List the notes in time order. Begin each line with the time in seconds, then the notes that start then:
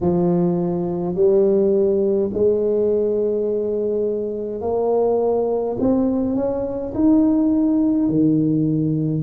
0.01 F3
1.15 G3
2.33 G#3
4.61 A#3
5.80 C4
6.35 C#4
6.94 D#4
8.08 D#3